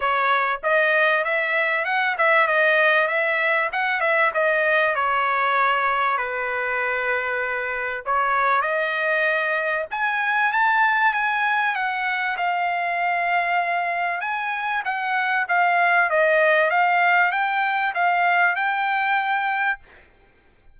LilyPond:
\new Staff \with { instrumentName = "trumpet" } { \time 4/4 \tempo 4 = 97 cis''4 dis''4 e''4 fis''8 e''8 | dis''4 e''4 fis''8 e''8 dis''4 | cis''2 b'2~ | b'4 cis''4 dis''2 |
gis''4 a''4 gis''4 fis''4 | f''2. gis''4 | fis''4 f''4 dis''4 f''4 | g''4 f''4 g''2 | }